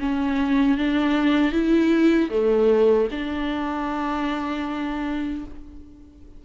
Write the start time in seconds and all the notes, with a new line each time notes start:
0.00 C#4
0.78 D4
1.52 E4
2.31 A3
3.12 D4